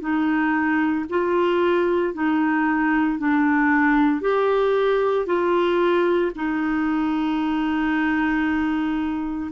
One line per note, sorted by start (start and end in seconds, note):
0.00 1.05 D#4
1.10 2.14 F4
2.14 3.19 D#4
3.19 4.21 D4
4.21 5.26 G4
5.26 6.32 F4
6.35 9.51 D#4